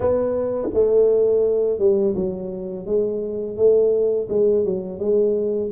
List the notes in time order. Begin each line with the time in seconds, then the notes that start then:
0.00 B3
0.73 A3
1.79 G3
2.15 F#3
2.86 G#3
3.56 A3
4.29 G#3
4.65 F#3
4.99 G#3